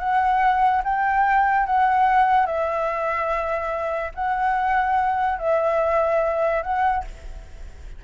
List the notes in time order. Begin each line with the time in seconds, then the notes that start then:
0.00 F#5
0.84 G5
1.67 F#5
2.47 E5
4.15 F#5
5.39 E5
6.63 F#5